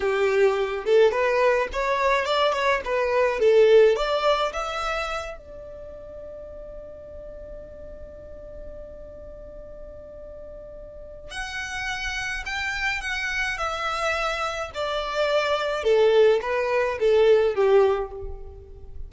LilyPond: \new Staff \with { instrumentName = "violin" } { \time 4/4 \tempo 4 = 106 g'4. a'8 b'4 cis''4 | d''8 cis''8 b'4 a'4 d''4 | e''4. d''2~ d''8~ | d''1~ |
d''1 | fis''2 g''4 fis''4 | e''2 d''2 | a'4 b'4 a'4 g'4 | }